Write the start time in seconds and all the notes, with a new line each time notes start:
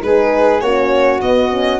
0.00 G#3 D#4 G#4 B4
0.60 A#3 C#4 F#4 C#5
1.21 B3 D#5
1.50 C#4